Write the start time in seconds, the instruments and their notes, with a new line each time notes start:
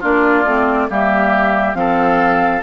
0.00 bassoon A#3, clarinet D4, oboe F4, flute D5
0.44 bassoon A3, clarinet C4
0.89 bassoon G3, clarinet A#3, oboe G4, flute E5
1.74 bassoon F3, clarinet C4, oboe A4, flute F5